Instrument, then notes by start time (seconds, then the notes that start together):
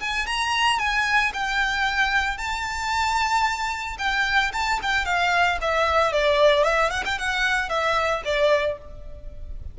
violin
0.00 G#5
0.26 A#5
0.79 G#5
1.33 G5
2.38 A5
3.98 G5
4.53 A5
4.82 G5
5.05 F5
5.61 E5
6.12 D5
6.64 E5
6.91 F#5
7.05 G5
7.19 F#5
7.69 E5
8.25 D5